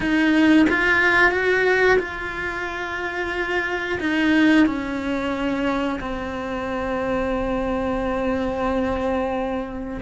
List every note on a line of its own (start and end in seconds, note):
0.00 0.66 D#4
0.69 1.31 F4
1.31 1.98 F#4
1.98 3.98 F4
3.99 4.66 D#4
4.66 5.99 C#4
6.00 10.00 C4